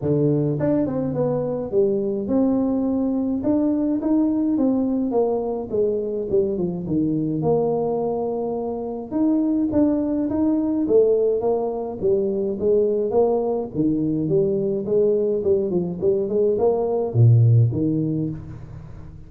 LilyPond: \new Staff \with { instrumentName = "tuba" } { \time 4/4 \tempo 4 = 105 d4 d'8 c'8 b4 g4 | c'2 d'4 dis'4 | c'4 ais4 gis4 g8 f8 | dis4 ais2. |
dis'4 d'4 dis'4 a4 | ais4 g4 gis4 ais4 | dis4 g4 gis4 g8 f8 | g8 gis8 ais4 ais,4 dis4 | }